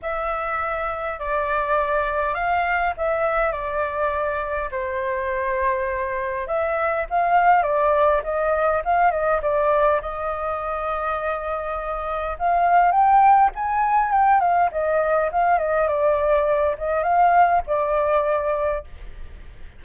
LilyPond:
\new Staff \with { instrumentName = "flute" } { \time 4/4 \tempo 4 = 102 e''2 d''2 | f''4 e''4 d''2 | c''2. e''4 | f''4 d''4 dis''4 f''8 dis''8 |
d''4 dis''2.~ | dis''4 f''4 g''4 gis''4 | g''8 f''8 dis''4 f''8 dis''8 d''4~ | d''8 dis''8 f''4 d''2 | }